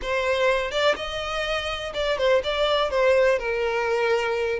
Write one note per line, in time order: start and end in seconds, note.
0.02 0.71 C5
0.71 0.95 D5
0.96 1.92 D#5
1.94 2.18 D5
2.18 2.42 C5
2.43 2.90 D5
2.90 3.38 C5
3.38 4.59 A#4